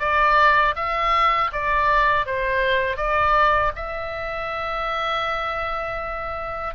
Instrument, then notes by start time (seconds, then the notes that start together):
oboe
0.00 D5
0.76 E5
1.53 D5
2.26 C5
2.97 D5
3.76 E5